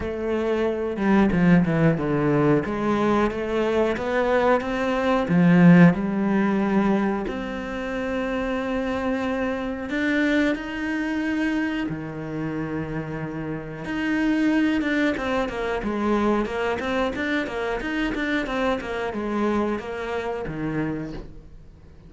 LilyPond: \new Staff \with { instrumentName = "cello" } { \time 4/4 \tempo 4 = 91 a4. g8 f8 e8 d4 | gis4 a4 b4 c'4 | f4 g2 c'4~ | c'2. d'4 |
dis'2 dis2~ | dis4 dis'4. d'8 c'8 ais8 | gis4 ais8 c'8 d'8 ais8 dis'8 d'8 | c'8 ais8 gis4 ais4 dis4 | }